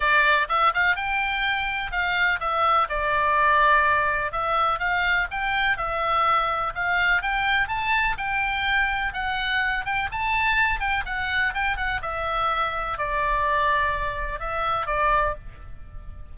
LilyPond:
\new Staff \with { instrumentName = "oboe" } { \time 4/4 \tempo 4 = 125 d''4 e''8 f''8 g''2 | f''4 e''4 d''2~ | d''4 e''4 f''4 g''4 | e''2 f''4 g''4 |
a''4 g''2 fis''4~ | fis''8 g''8 a''4. g''8 fis''4 | g''8 fis''8 e''2 d''4~ | d''2 e''4 d''4 | }